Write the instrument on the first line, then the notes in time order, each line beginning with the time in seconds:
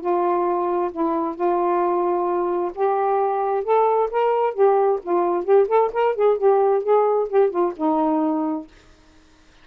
saxophone
0.00 F4
0.91 E4
1.35 F4
2.75 G4
3.64 A4
4.11 A#4
4.54 G4
5.02 F4
5.44 G4
5.68 A4
5.92 A#4
6.15 G#4
6.37 G4
6.83 G#4
7.29 G4
7.50 F4
7.76 D#4